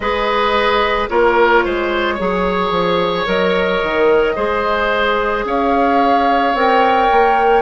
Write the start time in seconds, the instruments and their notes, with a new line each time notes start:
0.00 bassoon G#3, clarinet G#4, oboe B4, flute D#5
1.08 bassoon A#3, clarinet F4, oboe A#4, flute C#5
1.64 bassoon G#3, oboe C5
2.14 bassoon F#3, clarinet G#4, oboe C#5
2.70 bassoon F3
3.25 bassoon F#3, clarinet A#4, flute D#5
3.82 bassoon D#3
4.35 bassoon G#3, clarinet G#4, oboe C5
5.44 bassoon C#4, oboe C#5, flute F5
6.53 bassoon C4, clarinet A#4, flute G5
7.11 bassoon A#3